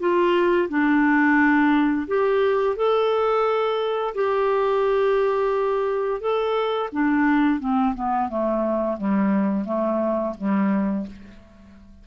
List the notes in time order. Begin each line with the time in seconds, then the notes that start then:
0.00 F4
0.70 D4
2.08 G4
2.76 A4
4.15 G4
6.21 A4
6.92 D4
7.60 C4
7.95 B3
8.29 A3
8.98 G3
9.66 A3
10.38 G3